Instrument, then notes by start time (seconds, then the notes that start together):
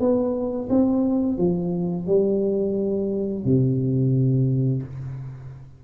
tuba
0.00 B3
0.70 C4
1.38 F3
2.07 G3
3.45 C3